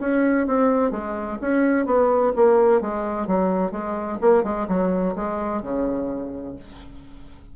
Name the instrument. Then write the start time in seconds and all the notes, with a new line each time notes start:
bassoon
0.00 C#4
0.47 C4
0.91 G#3
1.41 C#4
1.86 B3
2.36 A#3
2.81 G#3
3.27 F#3
3.71 G#3
4.21 A#3
4.44 G#3
4.68 F#3
5.16 G#3
5.62 C#3